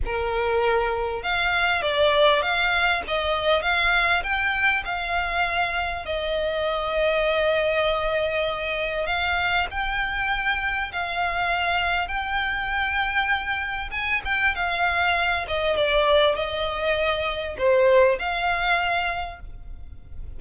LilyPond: \new Staff \with { instrumentName = "violin" } { \time 4/4 \tempo 4 = 99 ais'2 f''4 d''4 | f''4 dis''4 f''4 g''4 | f''2 dis''2~ | dis''2. f''4 |
g''2 f''2 | g''2. gis''8 g''8 | f''4. dis''8 d''4 dis''4~ | dis''4 c''4 f''2 | }